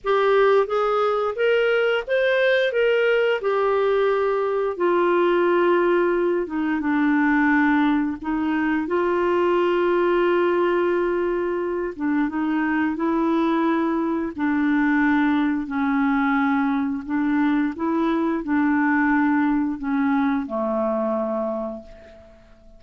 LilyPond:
\new Staff \with { instrumentName = "clarinet" } { \time 4/4 \tempo 4 = 88 g'4 gis'4 ais'4 c''4 | ais'4 g'2 f'4~ | f'4. dis'8 d'2 | dis'4 f'2.~ |
f'4. d'8 dis'4 e'4~ | e'4 d'2 cis'4~ | cis'4 d'4 e'4 d'4~ | d'4 cis'4 a2 | }